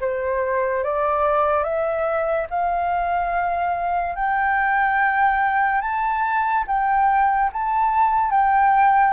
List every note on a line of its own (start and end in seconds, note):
0.00 0.83 C5
0.83 1.63 D5
1.63 2.46 E5
2.50 4.15 F5
4.15 5.81 G5
5.81 6.64 A5
6.67 7.50 G5
7.52 8.31 A5
8.31 9.13 G5